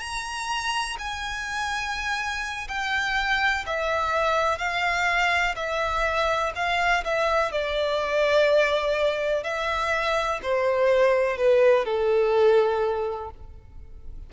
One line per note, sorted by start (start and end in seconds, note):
0.00 0.97 A#5
0.99 2.68 G#5
2.68 3.65 G5
3.66 4.59 E5
4.59 5.56 F5
5.56 6.53 E5
6.55 7.04 F5
7.04 7.52 E5
7.52 9.44 D5
9.44 10.40 E5
10.43 11.38 C5
11.38 11.85 B4
11.85 13.31 A4